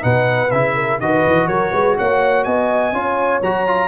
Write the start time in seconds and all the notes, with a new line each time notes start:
0.00 B2 D#4 B4 F#5
0.51 C#3 E4 E5
0.74 A#4
0.99 D#3 F#4 B4 D#5
1.26 E3
1.47 F#3 A#4 C#5
1.72 G#3 B4
1.97 A#3 C#5 F#5
2.44 B3 D#5 G#5
2.92 C#4 F4 C#5
3.42 F#3 F#4 A#5
3.67 F4